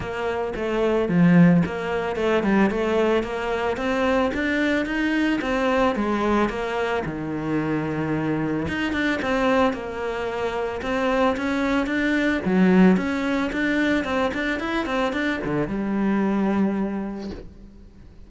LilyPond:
\new Staff \with { instrumentName = "cello" } { \time 4/4 \tempo 4 = 111 ais4 a4 f4 ais4 | a8 g8 a4 ais4 c'4 | d'4 dis'4 c'4 gis4 | ais4 dis2. |
dis'8 d'8 c'4 ais2 | c'4 cis'4 d'4 fis4 | cis'4 d'4 c'8 d'8 e'8 c'8 | d'8 d8 g2. | }